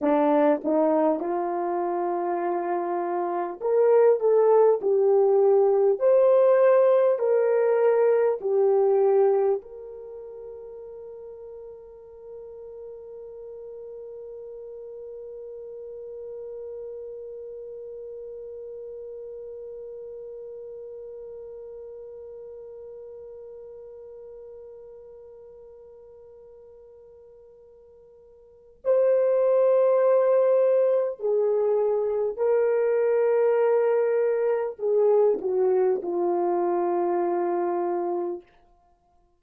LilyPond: \new Staff \with { instrumentName = "horn" } { \time 4/4 \tempo 4 = 50 d'8 dis'8 f'2 ais'8 a'8 | g'4 c''4 ais'4 g'4 | ais'1~ | ais'1~ |
ais'1~ | ais'1 | c''2 gis'4 ais'4~ | ais'4 gis'8 fis'8 f'2 | }